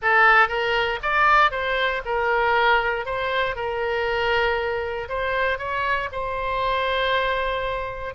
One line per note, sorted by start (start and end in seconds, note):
0.02 0.48 A4
0.48 0.99 A#4
1.02 1.51 D5
1.51 2.02 C5
2.05 3.05 A#4
3.05 3.55 C5
3.55 5.08 A#4
5.08 5.58 C5
5.58 6.09 C#5
6.11 8.14 C5